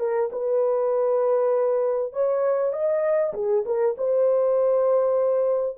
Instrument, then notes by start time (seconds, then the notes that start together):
horn
0.00 A#4
0.33 B4
2.13 C#5
2.73 D#5
3.34 G#4
3.66 A#4
3.98 C5